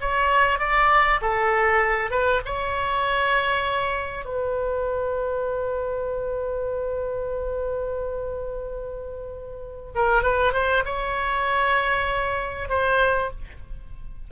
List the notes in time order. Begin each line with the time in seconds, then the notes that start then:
0.00 C#5
0.58 D5
1.21 A4
2.10 B4
2.45 C#5
4.25 B4
9.95 A#4
10.22 B4
10.53 C5
10.85 C#5
12.69 C5